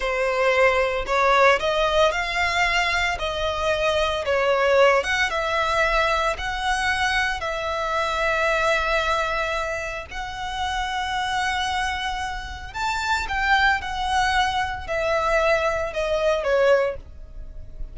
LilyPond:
\new Staff \with { instrumentName = "violin" } { \time 4/4 \tempo 4 = 113 c''2 cis''4 dis''4 | f''2 dis''2 | cis''4. fis''8 e''2 | fis''2 e''2~ |
e''2. fis''4~ | fis''1 | a''4 g''4 fis''2 | e''2 dis''4 cis''4 | }